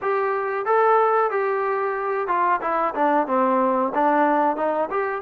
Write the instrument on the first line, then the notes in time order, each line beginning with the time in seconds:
trombone
0.01 G4
0.65 A4
1.30 G4
2.27 F4
2.61 E4
2.94 D4
3.27 C4
3.94 D4
4.56 D#4
4.90 G4